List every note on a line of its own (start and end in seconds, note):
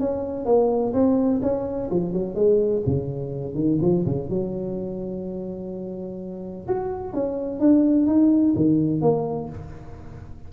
0.00 0.46 C#4
0.46 0.94 A#3
0.94 1.41 C4
1.42 1.90 C#4
1.91 2.13 F3
2.13 2.35 F#3
2.35 2.83 G#3
2.86 3.55 C#3
3.55 3.79 D#3
3.82 4.05 F3
4.06 4.30 C#3
4.30 6.68 F#3
6.68 7.14 F#4
7.14 7.60 C#4
7.60 8.07 D4
8.07 8.54 D#4
8.56 9.02 D#3
9.02 9.49 A#3